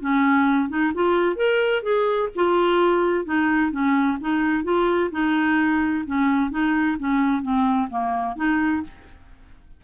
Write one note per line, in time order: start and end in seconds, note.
0.00 0.69 C#4
0.69 0.92 D#4
0.94 1.36 F4
1.36 1.82 A#4
1.82 2.29 G#4
2.35 3.25 F4
3.25 3.71 D#4
3.71 4.18 C#4
4.21 4.64 D#4
4.64 5.10 F4
5.12 6.05 D#4
6.06 6.50 C#4
6.50 6.97 D#4
6.99 7.42 C#4
7.42 7.89 C4
7.90 8.36 A#3
8.36 8.82 D#4